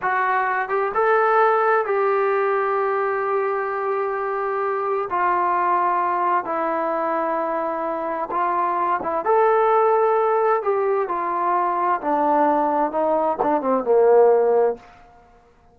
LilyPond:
\new Staff \with { instrumentName = "trombone" } { \time 4/4 \tempo 4 = 130 fis'4. g'8 a'2 | g'1~ | g'2. f'4~ | f'2 e'2~ |
e'2 f'4. e'8 | a'2. g'4 | f'2 d'2 | dis'4 d'8 c'8 ais2 | }